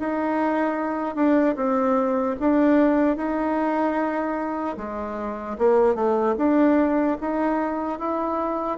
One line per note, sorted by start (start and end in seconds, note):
0.00 1.16 D#4
1.16 1.56 D4
1.56 2.36 C4
2.40 3.17 D4
3.17 4.77 D#4
4.77 5.57 G#3
5.59 5.96 A#3
5.96 6.36 A3
6.38 7.18 D4
7.21 8.00 D#4
8.00 8.78 E4